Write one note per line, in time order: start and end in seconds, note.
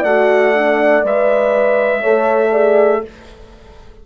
0.00 1.04 A3
0.00 0.54 F#4
0.00 2.00 D5
0.00 1.04 F#5
0.54 1.04 D4
1.04 2.04 G#3
1.04 2.02 B4
1.04 3.06 E5
2.00 3.04 A3
2.00 2.52 A4
2.00 2.50 C#5
2.51 3.02 G#4
2.51 3.01 D5